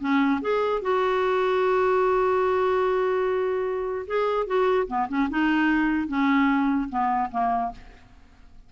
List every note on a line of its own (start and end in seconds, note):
0.00 0.41 C#4
0.41 0.81 G#4
0.81 4.06 F#4
4.07 4.46 G#4
4.46 4.87 F#4
4.87 5.07 B3
5.08 5.29 C#4
5.29 6.08 D#4
6.08 6.89 C#4
6.89 7.30 B3
7.31 7.71 A#3